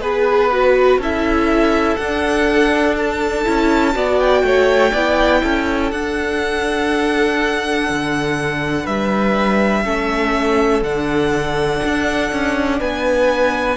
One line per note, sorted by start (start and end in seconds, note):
0.00 0.97 B3
0.00 0.50 G#4
0.00 0.99 B4
0.51 1.01 F#4
0.97 1.95 C#4
0.97 2.00 E4
0.97 3.94 A4
0.97 1.96 E5
1.96 3.45 D4
1.96 3.44 D4
1.96 2.94 F#5
2.97 4.19 A5
3.44 3.95 C#4
3.44 3.93 E4
3.93 4.42 B3
3.93 4.91 F#4
3.93 4.44 D5
4.19 5.91 G5
4.42 4.92 A3
4.42 4.91 C#5
4.91 5.43 B3
4.91 5.93 E4
4.91 5.41 D5
5.42 5.91 C#4
5.42 8.83 A4
5.91 7.88 D4
5.91 9.85 D4
5.91 8.86 F#5
7.89 8.86 D3
8.83 9.84 G3
8.83 9.81 B4
8.83 10.83 E5
9.84 10.82 A3
9.84 10.83 C#4
9.84 12.79 A4
10.82 11.80 D3
10.82 13.77 D4
10.82 12.80 F#5
11.84 12.31 D4
12.31 12.80 C#4
12.79 13.77 B3
12.79 13.77 B4
12.79 13.77 G#5